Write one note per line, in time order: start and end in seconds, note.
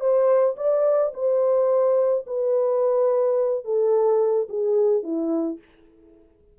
0.00 0.56 C5
0.56 1.12 D5
1.14 2.25 C5
2.27 3.64 B4
3.64 4.48 A4
4.49 5.03 G#4
5.03 5.59 E4